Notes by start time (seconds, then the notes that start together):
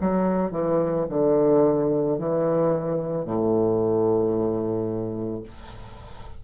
0.00 F#3
0.51 E3
1.09 D3
2.18 E3
3.25 A2